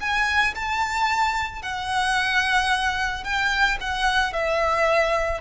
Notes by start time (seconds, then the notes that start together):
0.00 G#5
0.55 A5
1.62 F#5
3.23 G5
3.80 F#5
4.33 E5